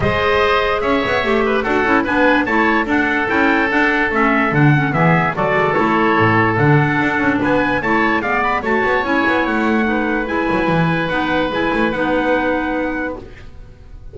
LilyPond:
<<
  \new Staff \with { instrumentName = "trumpet" } { \time 4/4 \tempo 4 = 146 dis''2 e''2 | fis''4 gis''4 a''4 fis''4 | g''4 fis''4 e''4 fis''4 | e''4 d''4 cis''2 |
fis''2 gis''4 a''4 | f''8 b''8 a''4 gis''4 fis''4~ | fis''4 gis''2 fis''4 | gis''4 fis''2. | }
  \new Staff \with { instrumentName = "oboe" } { \time 4/4 c''2 cis''4. b'8 | a'4 b'4 cis''4 a'4~ | a'1 | gis'4 a'2.~ |
a'2 b'4 cis''4 | d''4 cis''2. | b'1~ | b'1 | }
  \new Staff \with { instrumentName = "clarinet" } { \time 4/4 gis'2. g'4 | fis'8 e'8 d'4 e'4 d'4 | e'4 d'4 cis'4 d'8 cis'8 | b4 fis'4 e'2 |
d'2. e'4 | b4 fis'4 e'2 | dis'4 e'2 dis'4 | e'4 dis'2. | }
  \new Staff \with { instrumentName = "double bass" } { \time 4/4 gis2 cis'8 b8 a4 | d'8 cis'8 b4 a4 d'4 | cis'4 d'4 a4 d4 | e4 fis8 gis8 a4 a,4 |
d4 d'8 cis'8 b4 a4 | gis4 a8 b8 cis'8 b8 a4~ | a4 gis8 fis8 e4 b4 | gis8 a8 b2. | }
>>